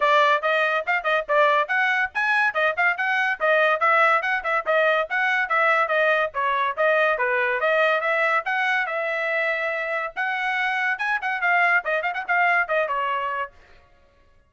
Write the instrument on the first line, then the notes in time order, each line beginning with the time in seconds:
trumpet
0.00 D5
0.41 D#5
0.86 F5
1.03 D#5
1.28 D5
1.68 F#5
2.14 G#5
2.54 D#5
2.76 F5
2.97 F#5
3.40 D#5
3.80 E5
4.22 F#5
4.43 E5
4.65 D#5
5.09 F#5
5.49 E5
5.88 D#5
6.34 C#5
6.76 D#5
7.18 B4
7.60 D#5
8.01 E5
8.45 F#5
8.86 E5
10.16 F#5
10.98 G#5
11.21 F#5
11.41 F5
11.84 D#5
12.02 F5
12.14 F#5
12.27 F5
12.68 D#5
12.88 C#5